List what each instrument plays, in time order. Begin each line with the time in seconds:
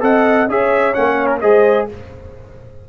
0.00 tuba C4, trombone A4, horn D#5, trumpet F#5
0.48 tuba C#4, trombone G#4, horn C#5, trumpet E5
0.94 tuba A#3, trombone C#4, trumpet F#5
1.26 trumpet A#4
1.41 tuba G#3, trombone G#4, horn C5, trumpet D#5